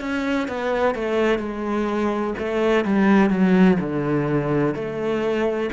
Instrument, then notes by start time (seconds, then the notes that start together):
cello
0.00 C#4
0.48 B3
0.94 A3
1.39 G#3
2.38 A3
2.85 G3
3.29 F#3
3.80 D3
4.74 A3